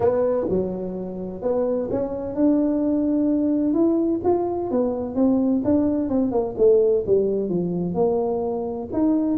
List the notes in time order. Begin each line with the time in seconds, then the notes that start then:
0.00 B3
0.49 F#3
1.41 B3
1.90 C#4
2.35 D4
3.73 E4
4.23 F4
4.70 B3
5.15 C4
5.64 D4
6.09 C4
6.31 A#3
6.57 A3
7.06 G3
7.49 F3
7.94 A#3
8.93 D#4